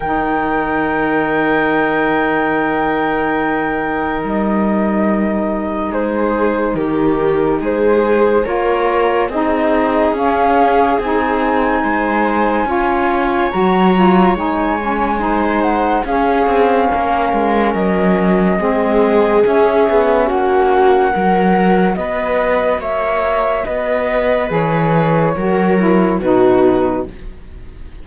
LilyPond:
<<
  \new Staff \with { instrumentName = "flute" } { \time 4/4 \tempo 4 = 71 g''1~ | g''4 dis''2 c''4 | ais'4 c''4 cis''4 dis''4 | f''4 gis''2. |
ais''4 gis''4. fis''8 f''4~ | f''4 dis''2 e''4 | fis''2 dis''4 e''4 | dis''4 cis''2 b'4 | }
  \new Staff \with { instrumentName = "viola" } { \time 4/4 ais'1~ | ais'2. gis'4 | g'4 gis'4 ais'4 gis'4~ | gis'2 c''4 cis''4~ |
cis''2 c''4 gis'4 | ais'2 gis'2 | fis'4 ais'4 b'4 cis''4 | b'2 ais'4 fis'4 | }
  \new Staff \with { instrumentName = "saxophone" } { \time 4/4 dis'1~ | dis'1~ | dis'2 f'4 dis'4 | cis'4 dis'2 f'4 |
fis'8 f'8 dis'8 cis'8 dis'4 cis'4~ | cis'2 c'4 cis'4~ | cis'4 fis'2.~ | fis'4 gis'4 fis'8 e'8 dis'4 | }
  \new Staff \with { instrumentName = "cello" } { \time 4/4 dis1~ | dis4 g2 gis4 | dis4 gis4 ais4 c'4 | cis'4 c'4 gis4 cis'4 |
fis4 gis2 cis'8 c'8 | ais8 gis8 fis4 gis4 cis'8 b8 | ais4 fis4 b4 ais4 | b4 e4 fis4 b,4 | }
>>